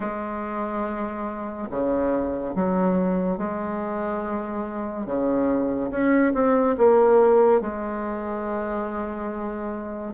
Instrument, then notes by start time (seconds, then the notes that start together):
bassoon
0.00 G#3
1.70 C#3
2.55 F#3
3.37 G#3
5.06 C#3
5.90 C#4
6.33 C4
6.77 A#3
7.60 G#3